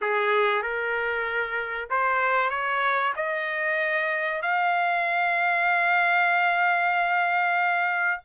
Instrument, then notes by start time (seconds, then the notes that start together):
trumpet
0.01 G#4
0.62 A#4
1.90 C5
2.50 C#5
3.16 D#5
4.42 F5